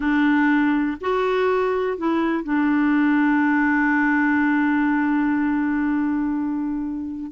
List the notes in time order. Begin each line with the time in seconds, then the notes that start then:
0.00 D4
1.00 F#4
1.97 E4
2.43 D4